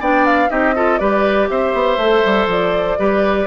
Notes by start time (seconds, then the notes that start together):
0.00 B3 D4 D5 G5
0.26 F5
0.49 C4 D#4 G4 D#5
0.76 F4 A4
0.98 G3 G4 B4 D5
1.49 C4 C5 E5
1.74 B3
1.97 A3 A4
2.26 G3
2.47 F3 D5
2.99 G3 G4 B4